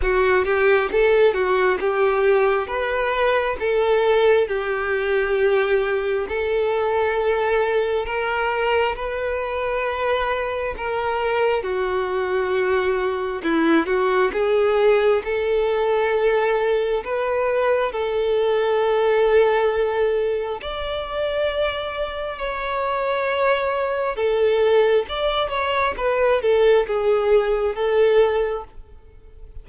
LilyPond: \new Staff \with { instrumentName = "violin" } { \time 4/4 \tempo 4 = 67 fis'8 g'8 a'8 fis'8 g'4 b'4 | a'4 g'2 a'4~ | a'4 ais'4 b'2 | ais'4 fis'2 e'8 fis'8 |
gis'4 a'2 b'4 | a'2. d''4~ | d''4 cis''2 a'4 | d''8 cis''8 b'8 a'8 gis'4 a'4 | }